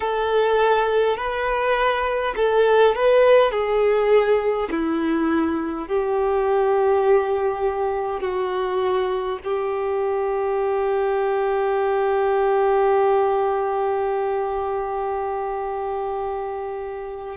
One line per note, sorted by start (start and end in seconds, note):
0.00 1.17 A4
1.17 2.34 B4
2.36 2.95 A4
2.95 3.51 B4
3.51 4.68 G#4
4.71 5.88 E4
5.88 8.21 G4
8.21 9.39 F#4
9.44 17.36 G4